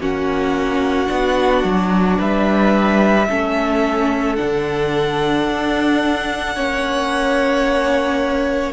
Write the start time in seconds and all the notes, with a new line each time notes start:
0.00 A#3 C#4 F#4 F#5
1.07 B3 D4
1.64 F#3
2.19 G3 B4 E5
3.28 A3 C#4 A4
4.36 D3 D4 F#5
5.49 D4
6.55 A#3 C#4 C#5